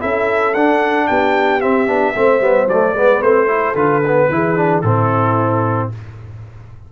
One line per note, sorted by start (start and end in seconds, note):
0.00 0.55 C#4
0.00 0.54 E4
0.00 1.08 A4
0.00 0.54 E5
0.54 1.09 D4
0.54 1.62 D4
0.54 1.07 F#5
1.07 1.64 B3
1.07 2.16 G4
1.07 1.61 G5
1.61 1.87 C4
1.61 1.88 C4
1.61 2.68 E5
1.87 2.15 B3
1.87 2.14 D4
2.16 2.40 A3
2.16 2.41 C4
2.16 2.95 C5
2.40 2.67 G3
2.40 2.68 B3
2.68 2.94 F#3
2.68 2.96 A3
2.68 3.22 D5
2.94 3.21 G#3
2.94 3.23 B3
2.94 3.49 B4
3.22 3.75 A3
3.22 3.48 C4
3.22 3.76 C5
3.48 3.75 E4
3.48 4.30 A4
3.75 4.29 D3
3.75 4.02 F4
3.75 4.82 B4
4.08 4.32 B3
4.29 4.83 E3
4.29 4.57 E4
4.29 4.85 G#4
4.57 4.84 D4
4.82 5.90 A2
4.82 5.92 C4
4.82 5.92 E4
4.82 5.89 A4